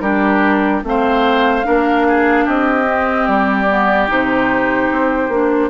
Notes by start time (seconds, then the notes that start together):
0.00 G3 D4 G4 A#4
0.83 A3 C4 C5 F5
1.63 A#3 D4 A#4
2.08 G#4
2.44 C4 G4 D#5
2.86 C4
3.26 G3 D5
3.68 B3
4.07 C3 D#4 C5
4.91 C4
5.28 A#3 D4